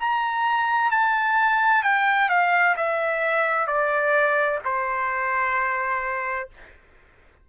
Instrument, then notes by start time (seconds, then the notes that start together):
trumpet
0.00 A#5
0.91 A5
1.83 G5
2.29 F5
2.77 E5
3.67 D5
4.64 C5